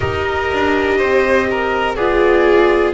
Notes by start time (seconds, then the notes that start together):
0.00 D#4 G4 A#4 D#5
0.52 D4
0.97 C4 C5
1.50 A#4
1.95 B3 F4 G#4 D5